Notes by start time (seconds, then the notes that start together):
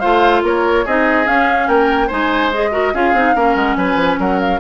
0.00 A3 F4 C5 F5
0.43 A#3 A#4 C#5
0.85 C4 D#4 G#4 D#5
1.26 C#4 F5
1.68 A#3 A#4 G5
2.08 G#3 D#4 C5 G#5
2.54 G#4 D#5
2.72 F#4 A#4
2.94 C#4 F4 G#4 F5
3.14 C4 D#4
3.36 A#3 C#4 A#4
3.56 G#3 F#5
3.77 F#3 B4 G#5
3.96 F3
4.19 F#3 A#4 F#5
4.40 F5